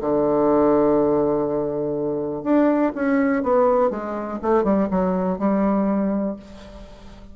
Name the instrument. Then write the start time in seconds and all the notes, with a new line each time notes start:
bassoon
0.00 D3
2.43 D4
2.95 C#4
3.42 B3
3.90 G#3
4.42 A3
4.63 G3
4.90 F#3
5.38 G3